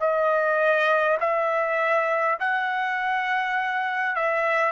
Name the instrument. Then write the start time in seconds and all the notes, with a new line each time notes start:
trumpet
0.00 D#5
1.20 E5
2.40 F#5
4.16 E5